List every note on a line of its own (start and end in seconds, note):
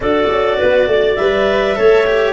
0.00 0.29 D4
0.00 1.18 F#4
0.00 0.58 A4
0.00 1.15 D5
0.30 0.59 C#4
0.58 0.86 B3
0.58 0.87 B4
0.86 1.16 A3
0.86 1.77 D5
1.15 1.78 G3
1.15 1.75 B4
1.15 2.33 E5
1.75 2.33 A3
1.75 2.05 A4
1.75 2.33 C#5
2.06 2.33 G4